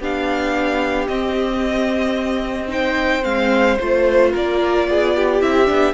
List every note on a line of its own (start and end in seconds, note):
0.00 1.08 B3
0.00 1.09 D4
0.00 2.70 G4
0.00 1.08 F5
1.08 3.25 C4
1.08 2.68 C4
1.08 2.70 D#5
2.68 3.22 D#4
2.68 4.32 C5
2.68 3.24 G5
3.23 3.79 G#3
3.23 3.77 C4
3.23 3.78 F5
3.79 4.34 A3
3.79 5.41 F4
3.79 4.33 C5
4.32 4.88 A#3
4.32 4.86 A#4
4.32 5.42 D5
4.88 5.42 B3
4.88 5.16 G#4
5.16 5.94 G4
5.41 5.69 C4
5.41 5.66 E4
5.41 5.94 E5
5.66 5.94 B3
5.66 5.93 D4